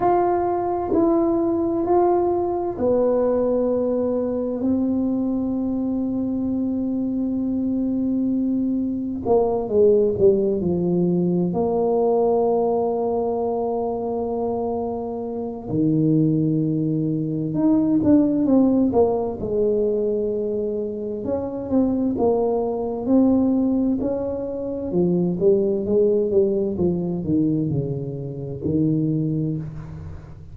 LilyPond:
\new Staff \with { instrumentName = "tuba" } { \time 4/4 \tempo 4 = 65 f'4 e'4 f'4 b4~ | b4 c'2.~ | c'2 ais8 gis8 g8 f8~ | f8 ais2.~ ais8~ |
ais4 dis2 dis'8 d'8 | c'8 ais8 gis2 cis'8 c'8 | ais4 c'4 cis'4 f8 g8 | gis8 g8 f8 dis8 cis4 dis4 | }